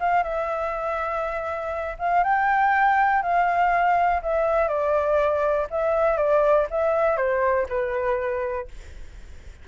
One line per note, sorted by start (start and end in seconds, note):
0.00 0.23 F5
0.23 1.97 E5
1.99 2.24 F5
2.24 3.23 G5
3.23 4.22 F5
4.23 4.68 E5
4.68 5.67 D5
5.71 6.18 E5
6.18 6.67 D5
6.70 7.17 E5
7.17 7.67 C5
7.69 8.68 B4